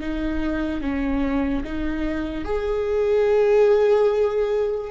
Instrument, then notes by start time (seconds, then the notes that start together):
viola
0.00 D#4
0.81 C#4
1.64 D#4
2.44 G#4